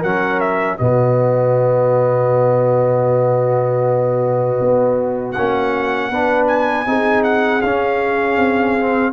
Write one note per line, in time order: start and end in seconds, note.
0.00 0.79 F#3
0.00 0.80 C#4
0.00 0.76 A#4
0.00 0.41 F#5
0.41 0.78 E5
0.78 4.60 B2
0.78 5.36 B3
0.78 6.11 F#4
0.78 5.32 D#5
4.61 5.37 B3
5.32 6.13 C#4
5.32 6.46 F#5
5.38 6.11 A#3
6.11 6.87 B3
6.11 6.86 D4
6.11 6.87 B4
6.47 7.23 G#5
6.86 7.62 C4
6.86 7.62 D#4
6.86 9.13 G#4
7.24 7.62 F#5
7.62 8.37 C#4
7.62 8.79 C#4
7.62 9.13 F5
8.37 9.13 C4
8.80 9.13 C4